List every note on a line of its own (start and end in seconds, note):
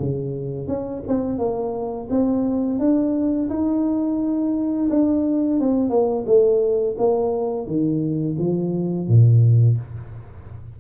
0.00 0.68 C#3
0.68 1.03 C#4
1.08 1.39 C4
1.39 2.08 A#3
2.10 2.80 C4
2.80 3.49 D4
3.50 4.90 D#4
4.91 5.60 D4
5.60 5.90 C4
5.90 6.25 A#3
6.27 6.96 A3
6.98 7.67 A#3
7.67 8.37 D#3
8.39 9.08 F3
9.08 9.78 A#2